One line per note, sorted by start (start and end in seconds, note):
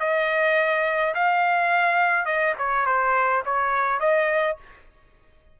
0.00 1.14 D#5
1.15 2.25 F5
2.25 2.54 D#5
2.58 2.86 C#5
2.86 3.43 C5
3.45 4.00 C#5
4.00 4.57 D#5